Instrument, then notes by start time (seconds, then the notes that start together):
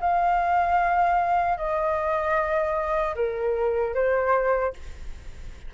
flute
0.00 F5
1.57 D#5
3.15 A#4
3.94 C5